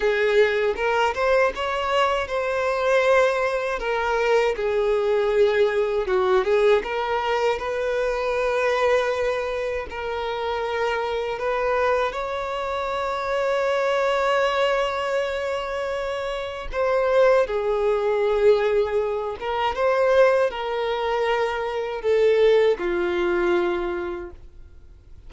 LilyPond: \new Staff \with { instrumentName = "violin" } { \time 4/4 \tempo 4 = 79 gis'4 ais'8 c''8 cis''4 c''4~ | c''4 ais'4 gis'2 | fis'8 gis'8 ais'4 b'2~ | b'4 ais'2 b'4 |
cis''1~ | cis''2 c''4 gis'4~ | gis'4. ais'8 c''4 ais'4~ | ais'4 a'4 f'2 | }